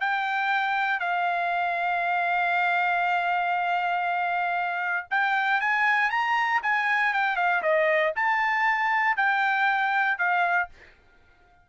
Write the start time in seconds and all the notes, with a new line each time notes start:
0.00 G5
0.99 F5
5.10 G5
5.60 G#5
6.10 A#5
6.62 G#5
7.13 G5
7.36 F5
7.62 D#5
8.16 A5
9.16 G5
10.18 F5